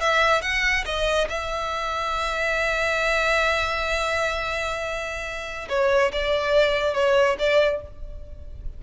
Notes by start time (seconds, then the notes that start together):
0.00 E5
0.41 F#5
0.85 D#5
1.29 E5
5.69 C#5
6.12 D5
6.94 C#5
7.39 D5